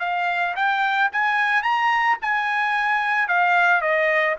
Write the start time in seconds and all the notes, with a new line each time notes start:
0.00 F5
0.56 G5
1.13 G#5
1.63 A#5
2.22 G#5
3.28 F5
3.82 D#5